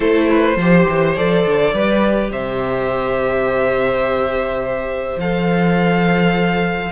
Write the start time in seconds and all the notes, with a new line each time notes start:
0.00 A3 E4 A4 C5
0.29 B4
0.56 F3 G4 C5
0.88 E3
1.14 F3 A4 D5
1.46 D3
1.73 G3 G4 B4
2.30 C3 C5 E5
5.17 F3 A4 F5